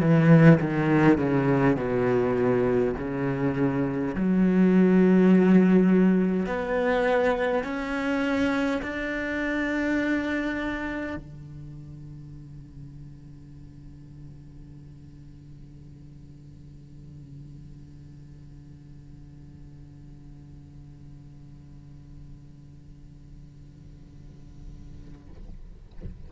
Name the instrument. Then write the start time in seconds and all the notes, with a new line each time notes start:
cello
0.00 E3
0.60 D#3
1.18 C#3
1.76 B2
2.98 C#3
4.15 F#3
6.46 B3
7.64 C#4
8.82 D4
11.16 D3